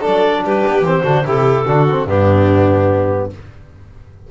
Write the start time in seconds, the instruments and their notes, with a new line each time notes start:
0.00 double bass F#3, trombone D4, violin A4, clarinet D5
0.42 double bass G3, violin G4, clarinet B4
0.66 double bass B3
0.81 double bass E3, trombone C4, clarinet C5
1.03 double bass D3, trombone D4, violin F#4
1.25 double bass C3, trombone E4, violin G4, clarinet A4
1.65 double bass D3, trombone D4, violin F#4
1.90 trombone C4
2.04 double bass G2, trombone B3, violin D4, clarinet G4